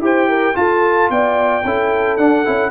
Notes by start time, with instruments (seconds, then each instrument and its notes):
0.00 tuba E4, trombone G4, horn C5, trumpet G5
0.30 horn A#4
0.55 trombone F4, tuba F4, horn A4, trumpet A5
1.10 tuba B3, horn D5, trumpet G5
1.65 tuba C#4, trombone E4, horn A4
2.17 tuba D4, trombone D4, trumpet F#5
2.45 tuba C#4, trombone E4